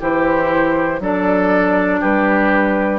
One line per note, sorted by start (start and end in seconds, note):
0.00 0.99 E3
0.00 1.01 E4
0.00 1.00 G4
0.00 1.02 C5
0.99 1.99 F#3
0.99 2.99 D4
0.99 2.00 A4
0.99 2.02 D5
2.00 2.99 G3
2.00 2.99 G4
2.00 2.99 B4